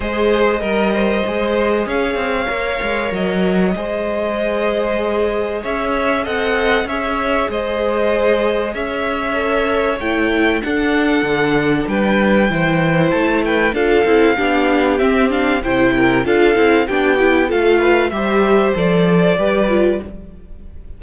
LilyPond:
<<
  \new Staff \with { instrumentName = "violin" } { \time 4/4 \tempo 4 = 96 dis''2. f''4~ | f''4 dis''2.~ | dis''4 e''4 fis''4 e''4 | dis''2 e''2 |
g''4 fis''2 g''4~ | g''4 a''8 g''8 f''2 | e''8 f''8 g''4 f''4 g''4 | f''4 e''4 d''2 | }
  \new Staff \with { instrumentName = "violin" } { \time 4/4 c''4 ais'8 c''4. cis''4~ | cis''2 c''2~ | c''4 cis''4 dis''4 cis''4 | c''2 cis''2~ |
cis''4 a'2 b'4 | c''4. b'8 a'4 g'4~ | g'4 c''8 ais'8 a'4 g'4 | a'8 b'8 c''2 b'4 | }
  \new Staff \with { instrumentName = "viola" } { \time 4/4 gis'4 ais'4 gis'2 | ais'2 gis'2~ | gis'2 a'4 gis'4~ | gis'2. a'4 |
e'4 d'2. | e'2 f'8 e'8 d'4 | c'8 d'8 e'4 f'8 e'8 d'8 e'8 | f'4 g'4 a'4 g'8 f'8 | }
  \new Staff \with { instrumentName = "cello" } { \time 4/4 gis4 g4 gis4 cis'8 c'8 | ais8 gis8 fis4 gis2~ | gis4 cis'4 c'4 cis'4 | gis2 cis'2 |
a4 d'4 d4 g4 | e4 a4 d'8 c'8 b4 | c'4 c4 d'8 c'8 b4 | a4 g4 f4 g4 | }
>>